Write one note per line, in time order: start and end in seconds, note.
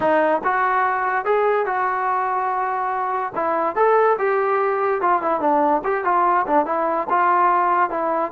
0.00 0.41 D#4
0.43 1.25 F#4
1.25 1.66 G#4
1.66 3.32 F#4
3.35 3.75 E4
3.75 4.17 A4
4.18 5.01 G4
5.01 5.22 F4
5.22 5.40 E4
5.40 5.82 D4
5.84 6.04 G4
6.04 6.45 F4
6.47 6.65 D4
6.65 7.07 E4
7.09 7.90 F4
7.90 8.31 E4